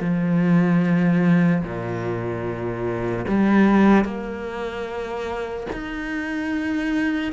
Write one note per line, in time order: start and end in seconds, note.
0.00 1.62 F3
1.63 3.25 A#2
3.28 4.05 G3
4.05 5.67 A#3
5.73 7.32 D#4